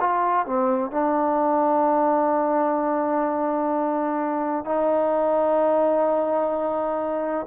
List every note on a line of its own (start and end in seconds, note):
0.00 0.46 F4
0.46 0.91 C4
0.91 4.65 D4
4.65 7.46 D#4